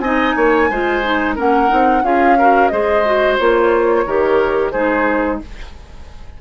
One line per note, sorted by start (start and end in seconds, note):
0.00 0.34 C4
0.00 0.71 D#4
0.00 0.36 D#5
0.00 1.35 G#5
0.36 0.70 A#3
0.36 0.70 C#5
0.70 1.38 G#3
0.70 1.03 F4
0.70 1.35 C5
1.03 1.37 D#4
1.35 1.71 A#3
1.35 1.68 C#4
1.35 2.03 A#4
1.35 2.05 F#5
1.68 2.03 C4
1.68 2.02 D#4
2.03 2.70 C#4
2.03 2.37 F4
2.03 2.38 G#4
2.03 2.68 F5
2.38 2.71 F#4
2.38 2.72 A#4
2.68 3.39 G#3
2.68 3.05 G#4
2.68 4.06 C5
2.68 3.36 D#5
3.05 3.39 F#4
3.38 4.06 A#3
3.38 4.07 F4
3.38 4.71 C#5
4.06 4.73 D#3
4.06 4.74 G4
4.06 4.72 A#4
4.71 5.41 G#3
4.71 5.41 D#4
4.71 5.40 G#4
4.71 5.39 C5